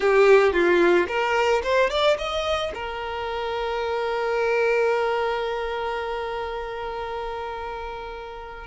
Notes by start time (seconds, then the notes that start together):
0.00 G4
0.53 F4
1.08 A#4
1.63 C5
1.90 D5
2.18 D#5
2.74 A#4